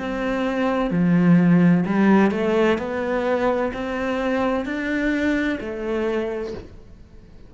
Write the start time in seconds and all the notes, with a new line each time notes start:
0.00 C4
0.91 F3
1.86 G3
2.31 A3
2.79 B3
3.74 C4
4.66 D4
5.60 A3